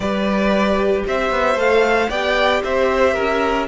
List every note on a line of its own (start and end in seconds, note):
0.00 1.03 G3
0.00 1.56 G4
0.00 1.05 B4
0.00 1.02 D5
1.06 1.31 C4
1.06 2.09 C5
1.06 1.59 E5
1.31 1.55 B3
1.55 2.07 A3
1.55 2.09 A4
1.55 2.09 F5
2.09 2.62 B3
2.09 3.68 G4
2.09 2.61 D5
2.09 2.62 G5
2.63 3.16 C4
2.63 3.14 C5
2.63 3.68 E5
3.14 3.68 C#4
3.14 3.66 A#4